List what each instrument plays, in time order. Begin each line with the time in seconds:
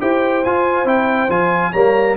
0.00 tuba E4, trombone G4, horn C5, trumpet G5
0.44 tuba F4, trombone F4, trumpet G#5
0.84 tuba C4, trombone E4, trumpet G5
1.29 tuba F3, trombone F4, trumpet G#5
1.71 tuba G3, trombone A#3, horn C#5, trumpet A#5